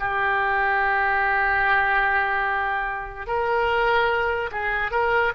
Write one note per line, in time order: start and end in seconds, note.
0.00 3.27 G4
3.27 4.50 A#4
4.52 4.92 G#4
4.92 5.33 A#4